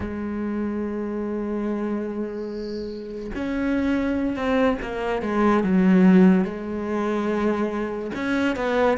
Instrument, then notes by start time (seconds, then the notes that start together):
cello
0.00 G#3
3.35 C#4
4.36 C4
4.81 A#3
5.22 G#3
5.63 F#3
6.44 G#3
8.14 C#4
8.56 B3